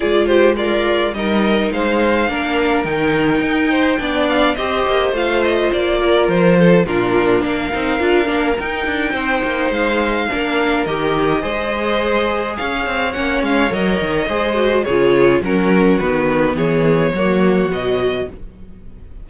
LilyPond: <<
  \new Staff \with { instrumentName = "violin" } { \time 4/4 \tempo 4 = 105 d''8 c''8 d''4 dis''4 f''4~ | f''4 g''2~ g''8 f''8 | dis''4 f''8 dis''8 d''4 c''4 | ais'4 f''2 g''4~ |
g''4 f''2 dis''4~ | dis''2 f''4 fis''8 f''8 | dis''2 cis''4 ais'4 | b'4 cis''2 dis''4 | }
  \new Staff \with { instrumentName = "violin" } { \time 4/4 gis'8 g'8 f'4 ais'4 c''4 | ais'2~ ais'8 c''8 d''4 | c''2~ c''8 ais'4 a'8 | f'4 ais'2. |
c''2 ais'2 | c''2 cis''2~ | cis''4 c''4 gis'4 fis'4~ | fis'4 gis'4 fis'2 | }
  \new Staff \with { instrumentName = "viola" } { \time 4/4 f'4 ais'4 dis'2 | d'4 dis'2 d'4 | g'4 f'2. | d'4. dis'8 f'8 d'8 dis'4~ |
dis'2 d'4 g'4 | gis'2. cis'4 | ais'4 gis'8 fis'8 f'4 cis'4 | b2 ais4 fis4 | }
  \new Staff \with { instrumentName = "cello" } { \time 4/4 gis2 g4 gis4 | ais4 dis4 dis'4 b4 | c'8 ais8 a4 ais4 f4 | ais,4 ais8 c'8 d'8 ais8 dis'8 d'8 |
c'8 ais8 gis4 ais4 dis4 | gis2 cis'8 c'8 ais8 gis8 | fis8 dis8 gis4 cis4 fis4 | dis4 e4 fis4 b,4 | }
>>